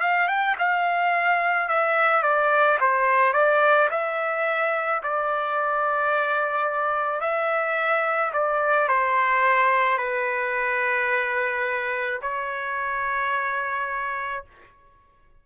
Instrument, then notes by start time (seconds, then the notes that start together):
trumpet
0.00 F5
0.28 G5
0.59 F5
1.69 E5
2.23 D5
2.80 C5
3.33 D5
3.90 E5
5.03 D5
7.21 E5
8.33 D5
8.88 C5
9.97 B4
12.22 C#5